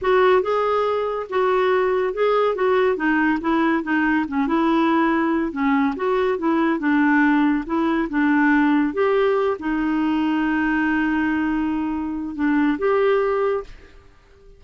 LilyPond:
\new Staff \with { instrumentName = "clarinet" } { \time 4/4 \tempo 4 = 141 fis'4 gis'2 fis'4~ | fis'4 gis'4 fis'4 dis'4 | e'4 dis'4 cis'8 e'4.~ | e'4 cis'4 fis'4 e'4 |
d'2 e'4 d'4~ | d'4 g'4. dis'4.~ | dis'1~ | dis'4 d'4 g'2 | }